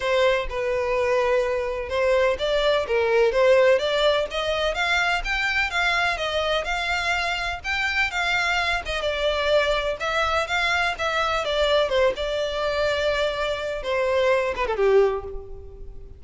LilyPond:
\new Staff \with { instrumentName = "violin" } { \time 4/4 \tempo 4 = 126 c''4 b'2. | c''4 d''4 ais'4 c''4 | d''4 dis''4 f''4 g''4 | f''4 dis''4 f''2 |
g''4 f''4. dis''8 d''4~ | d''4 e''4 f''4 e''4 | d''4 c''8 d''2~ d''8~ | d''4 c''4. b'16 a'16 g'4 | }